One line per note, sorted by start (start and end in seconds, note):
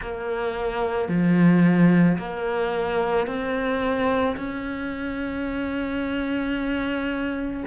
0.01 1.08 A#3
1.08 2.17 F3
2.18 3.27 A#3
3.27 4.36 C4
4.36 7.63 C#4